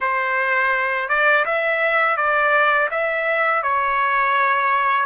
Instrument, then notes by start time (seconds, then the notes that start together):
trumpet
0.00 C5
1.08 D5
1.45 E5
2.16 D5
2.90 E5
3.62 C#5